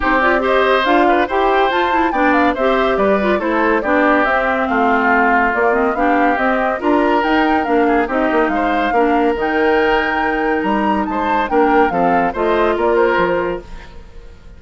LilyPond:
<<
  \new Staff \with { instrumentName = "flute" } { \time 4/4 \tempo 4 = 141 c''8 d''8 dis''4 f''4 g''4 | a''4 g''8 f''8 e''4 d''4 | c''4 d''4 e''4 f''4~ | f''4 d''8 dis''8 f''4 dis''4 |
ais''4 g''4 f''4 dis''4 | f''2 g''2~ | g''4 ais''4 a''4 g''4 | f''4 dis''4 d''8 c''4. | }
  \new Staff \with { instrumentName = "oboe" } { \time 4/4 g'4 c''4. b'8 c''4~ | c''4 d''4 c''4 b'4 | a'4 g'2 f'4~ | f'2 g'2 |
ais'2~ ais'8 gis'8 g'4 | c''4 ais'2.~ | ais'2 c''4 ais'4 | a'4 c''4 ais'2 | }
  \new Staff \with { instrumentName = "clarinet" } { \time 4/4 dis'8 f'8 g'4 f'4 g'4 | f'8 e'8 d'4 g'4. f'8 | e'4 d'4 c'2~ | c'4 ais8 c'8 d'4 c'4 |
f'4 dis'4 d'4 dis'4~ | dis'4 d'4 dis'2~ | dis'2. d'4 | c'4 f'2. | }
  \new Staff \with { instrumentName = "bassoon" } { \time 4/4 c'2 d'4 e'4 | f'4 b4 c'4 g4 | a4 b4 c'4 a4~ | a4 ais4 b4 c'4 |
d'4 dis'4 ais4 c'8 ais8 | gis4 ais4 dis2~ | dis4 g4 gis4 ais4 | f4 a4 ais4 f4 | }
>>